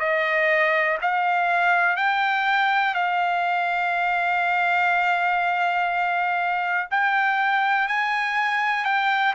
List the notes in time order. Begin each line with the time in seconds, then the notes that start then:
0.00 D#5
1.02 F5
1.97 G5
2.95 F5
6.91 G5
7.88 G#5
8.85 G5